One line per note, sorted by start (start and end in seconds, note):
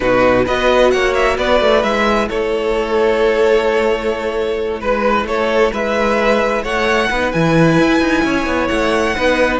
0.00 0.47 B2
0.00 0.45 D#4
0.00 0.45 F#4
0.00 0.45 B4
0.45 0.93 B3
0.45 1.83 F#4
0.45 0.91 B4
0.45 0.90 D#5
0.90 1.38 A#3
0.90 1.37 C#5
0.90 1.13 F#5
1.14 1.37 E5
1.37 1.60 B3
1.37 2.28 B4
1.37 1.82 D5
1.60 1.83 A3
1.82 2.29 G#3
1.82 7.09 E4
1.82 2.28 E5
2.28 4.81 A3
2.28 4.80 A4
2.28 4.81 C#5
4.80 5.24 G#3
4.80 5.25 B4
4.80 5.26 B4
5.24 5.70 A3
5.24 5.72 A4
5.24 5.72 C#5
5.72 6.64 G#3
5.72 6.62 B4
5.72 6.64 E5
6.62 7.09 A3
6.62 7.08 C#5
6.62 7.32 F#5
7.09 7.33 B3
7.09 7.32 D#4
7.09 8.24 B4
7.32 7.79 E3
7.32 9.15 E4
7.32 8.67 G#5
7.79 8.00 E4
8.00 8.23 D#4
8.24 8.46 C#4
8.24 9.15 C#5
8.46 8.69 B3
8.67 9.16 A3
8.67 9.59 F#5
9.15 9.60 B3
9.15 9.60 D#4
9.15 9.60 B4